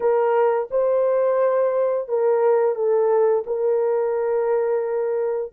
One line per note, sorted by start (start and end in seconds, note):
0.00 0.69 A#4
0.71 2.08 C5
2.08 2.75 A#4
2.75 3.44 A4
3.46 5.52 A#4